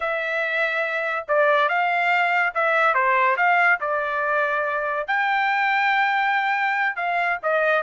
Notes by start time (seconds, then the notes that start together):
0.00 E5
1.28 D5
1.69 F5
2.54 E5
2.94 C5
3.36 F5
3.80 D5
5.07 G5
6.96 F5
7.42 D#5